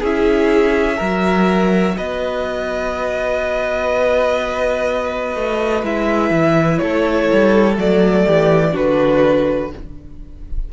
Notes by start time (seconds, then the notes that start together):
0.00 C#4 E4 G#4 E5
0.97 F#3 F#4 A#4
1.97 B3 B4 D#5
5.35 A3
5.83 G#3 E4 E5
6.30 E3
6.78 A3 A4 C#5
7.32 G3
7.74 F#3 A3 D5
8.25 E3 G4
8.72 D3 D4 F#4 B4